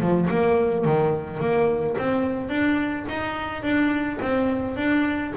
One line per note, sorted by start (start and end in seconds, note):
0.00 0.28 F3
0.30 0.84 A#3
0.84 1.40 D#3
1.40 1.96 A#3
1.98 2.49 C4
2.49 3.05 D4
3.08 3.62 D#4
3.62 4.19 D4
4.21 4.76 C4
4.76 5.32 D4